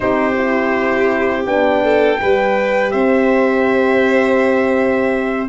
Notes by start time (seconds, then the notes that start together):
0.00 C4 D#4 G4 C5
0.37 E4
1.45 B3 D4 G5
1.83 A4
2.20 G3 G4 B4
2.90 C4 C5 E5